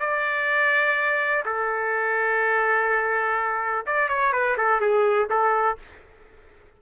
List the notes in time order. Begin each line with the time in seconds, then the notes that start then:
0.00 D5
1.46 A4
3.86 D5
4.08 C#5
4.32 B4
4.58 A4
4.81 G#4
5.30 A4